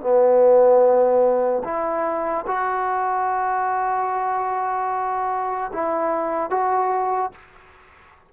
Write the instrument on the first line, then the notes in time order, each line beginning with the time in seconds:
trombone
0.00 B3
1.64 E4
2.47 F#4
5.73 E4
6.50 F#4